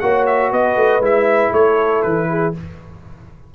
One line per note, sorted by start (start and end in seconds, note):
0.00 0.52 A#3
0.00 1.02 F#4
0.00 0.51 C#5
0.00 0.25 F#5
0.27 0.52 E5
0.51 0.76 B3
0.51 1.53 B4
0.51 1.04 D#5
0.76 1.00 A3
1.00 1.50 G#3
1.00 2.55 E4
1.00 1.54 E5
1.53 2.04 A3
1.53 2.29 A4
1.53 2.03 C#5
2.03 2.55 E3
2.03 2.53 B4
2.30 2.55 G#4